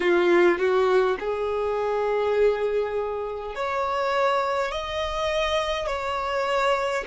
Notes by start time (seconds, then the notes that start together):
0.00 F4
0.58 F#4
1.19 G#4
3.55 C#5
4.71 D#5
5.87 C#5